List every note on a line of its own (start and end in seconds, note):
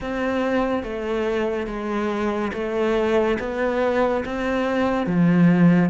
0.00 0.83 C4
0.83 1.67 A3
1.67 2.51 G#3
2.53 3.38 A3
3.39 4.23 B3
4.25 5.06 C4
5.06 5.89 F3